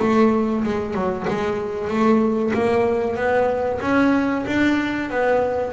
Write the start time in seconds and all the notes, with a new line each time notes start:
0.00 A3
0.64 G#3
0.94 F#3
1.28 G#3
1.88 A3
2.54 A#3
3.16 B3
3.82 C#4
4.47 D4
5.10 B3